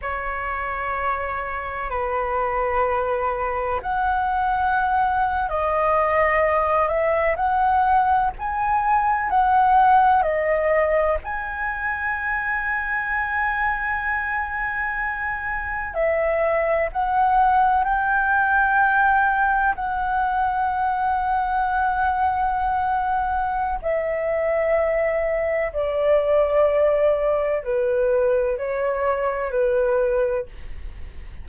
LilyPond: \new Staff \with { instrumentName = "flute" } { \time 4/4 \tempo 4 = 63 cis''2 b'2 | fis''4.~ fis''16 dis''4. e''8 fis''16~ | fis''8. gis''4 fis''4 dis''4 gis''16~ | gis''1~ |
gis''8. e''4 fis''4 g''4~ g''16~ | g''8. fis''2.~ fis''16~ | fis''4 e''2 d''4~ | d''4 b'4 cis''4 b'4 | }